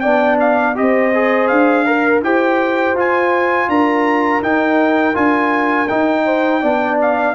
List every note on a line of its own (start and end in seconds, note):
0.00 0.77 B3
0.00 0.75 D4
0.00 0.75 D5
0.00 0.37 G5
0.40 0.76 F5
0.75 1.50 C4
0.75 1.11 G4
0.75 1.87 C5
0.75 1.47 D#5
1.14 1.86 G#4
1.47 2.22 D4
1.47 2.21 F5
1.86 2.22 A#4
1.86 2.23 A#4
2.22 2.94 E4
2.22 2.96 G4
2.22 3.70 C5
2.22 2.96 G5
2.94 3.67 F4
2.94 4.42 F4
2.94 3.69 G#5
3.68 4.41 D4
3.68 6.25 A#4
3.68 4.43 A#5
4.42 5.15 D#4
4.42 5.14 D#4
4.42 5.16 G5
5.14 5.89 D4
5.14 5.87 F4
5.14 5.88 G#5
5.88 6.62 D#4
5.88 6.63 D#4
5.88 6.98 G5
6.25 6.61 C5
6.61 7.35 B3
6.61 7.35 D4
6.61 7.35 D5
7.01 7.35 F5